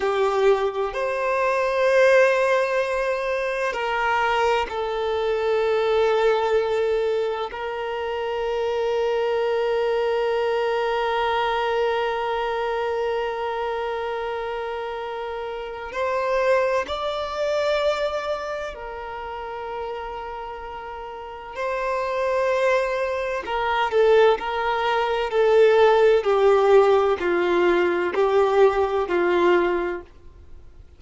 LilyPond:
\new Staff \with { instrumentName = "violin" } { \time 4/4 \tempo 4 = 64 g'4 c''2. | ais'4 a'2. | ais'1~ | ais'1~ |
ais'4 c''4 d''2 | ais'2. c''4~ | c''4 ais'8 a'8 ais'4 a'4 | g'4 f'4 g'4 f'4 | }